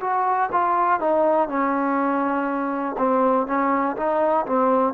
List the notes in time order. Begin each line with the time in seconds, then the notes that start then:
0.00 F#4
0.51 F4
1.00 D#4
1.48 C#4
2.98 C4
3.46 C#4
3.96 D#4
4.46 C4